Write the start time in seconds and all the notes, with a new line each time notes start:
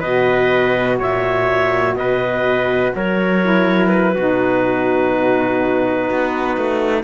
0.00 B2 F#4 B4 D#5
0.99 A#2 C#5 E5
1.95 B2 B4 D#5
2.95 F#3 A#4 C#5
3.42 E4
3.87 B4
4.15 B2 D#4 F#4
6.10 B3
6.57 A3